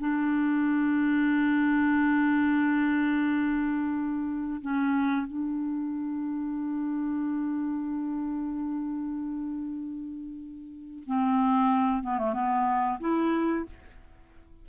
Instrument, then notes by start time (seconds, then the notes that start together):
clarinet
0.00 D4
4.62 C#4
5.27 D4
11.07 C4
12.03 B3
12.18 A3
12.34 B3
13.00 E4